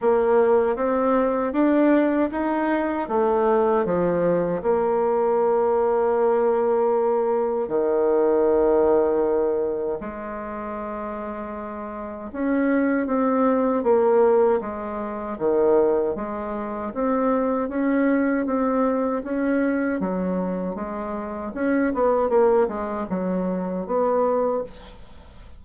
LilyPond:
\new Staff \with { instrumentName = "bassoon" } { \time 4/4 \tempo 4 = 78 ais4 c'4 d'4 dis'4 | a4 f4 ais2~ | ais2 dis2~ | dis4 gis2. |
cis'4 c'4 ais4 gis4 | dis4 gis4 c'4 cis'4 | c'4 cis'4 fis4 gis4 | cis'8 b8 ais8 gis8 fis4 b4 | }